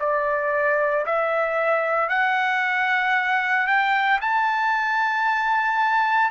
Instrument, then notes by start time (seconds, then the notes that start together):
trumpet
0.00 D5
1.06 E5
2.09 F#5
3.67 G5
4.21 A5